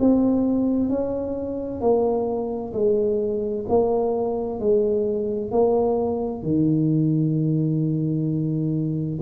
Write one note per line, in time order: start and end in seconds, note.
0.00 0.89 C4
0.89 1.81 C#4
1.81 2.73 A#3
2.74 3.66 G#3
3.69 4.60 A#3
4.60 5.51 G#3
5.51 6.43 A#3
6.43 9.20 D#3